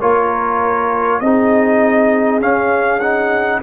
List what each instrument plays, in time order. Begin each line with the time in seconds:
0.00 tuba A#3, trombone F4, horn A#4, trumpet C#5
1.20 tuba C4, trombone D#4, horn G#4, trumpet D#5
2.40 trombone C#4, tuba C#4, trumpet F5
2.99 trombone D#4, trumpet F#5